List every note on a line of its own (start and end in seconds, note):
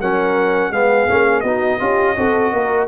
0.00 0.70 F#3
0.00 0.72 C#4
0.00 0.71 A#4
0.00 0.72 F#5
0.70 1.06 G#3
0.70 1.08 B3
0.70 1.43 G#4
0.70 1.40 F5
1.08 1.43 A#3
1.08 1.44 C#4
1.40 1.79 B3
1.40 1.79 D#4
1.40 1.79 F#4
1.40 2.85 D#5
1.79 2.17 C#4
1.79 2.15 F4
1.79 2.16 G4
2.16 2.53 C4
2.16 2.88 F#4
2.16 2.53 A4
2.53 2.88 A#3
2.53 2.88 A#4